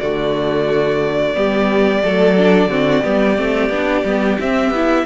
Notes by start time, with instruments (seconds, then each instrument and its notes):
0.00 cello D3, viola A3, violin F#4 D5
1.35 cello G3, viola B3, violin G4
2.03 cello F#3, viola A3, violin A4
2.38 viola D4
2.68 cello D3, viola C4, violin F#4
3.02 cello G3, viola B3, violin G4
3.37 cello A3, viola C4
3.70 cello B3, viola D4
4.05 cello G3, viola B3
4.41 cello C4, viola C4, violin E5
4.71 cello B3, viola E4